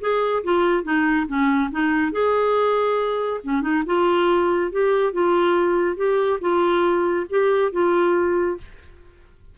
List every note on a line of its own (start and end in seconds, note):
0.00 0.43 G#4
0.43 0.83 F4
0.83 1.26 D#4
1.27 1.69 C#4
1.71 2.12 D#4
2.12 3.40 G#4
3.43 3.61 C#4
3.61 3.83 D#4
3.85 4.71 F4
4.71 5.12 G4
5.12 5.96 F4
5.96 6.39 G4
6.40 7.26 F4
7.29 7.71 G4
7.71 8.57 F4